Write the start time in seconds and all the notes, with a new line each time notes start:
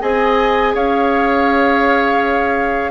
0.00 C4 G#4 D#5 G#5
0.75 C#4 C#5 F5